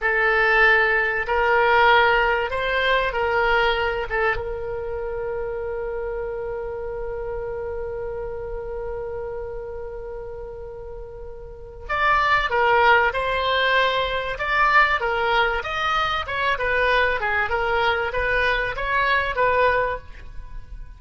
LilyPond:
\new Staff \with { instrumentName = "oboe" } { \time 4/4 \tempo 4 = 96 a'2 ais'2 | c''4 ais'4. a'8 ais'4~ | ais'1~ | ais'1~ |
ais'2. d''4 | ais'4 c''2 d''4 | ais'4 dis''4 cis''8 b'4 gis'8 | ais'4 b'4 cis''4 b'4 | }